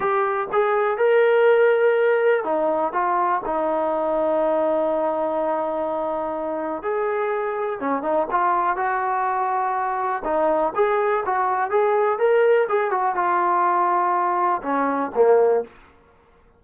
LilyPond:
\new Staff \with { instrumentName = "trombone" } { \time 4/4 \tempo 4 = 123 g'4 gis'4 ais'2~ | ais'4 dis'4 f'4 dis'4~ | dis'1~ | dis'2 gis'2 |
cis'8 dis'8 f'4 fis'2~ | fis'4 dis'4 gis'4 fis'4 | gis'4 ais'4 gis'8 fis'8 f'4~ | f'2 cis'4 ais4 | }